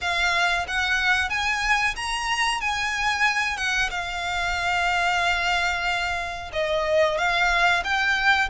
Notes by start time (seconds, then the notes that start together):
0.01 F5
0.67 F#5
1.29 G#5
1.96 A#5
2.60 G#5
3.57 F#5
3.90 F5
6.52 D#5
7.17 F5
7.84 G5